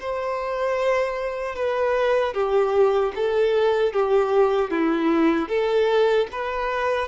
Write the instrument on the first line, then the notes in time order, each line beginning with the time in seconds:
violin
0.00 C5
1.55 B4
2.34 G4
3.15 A4
3.93 G4
4.70 E4
5.48 A4
6.32 B4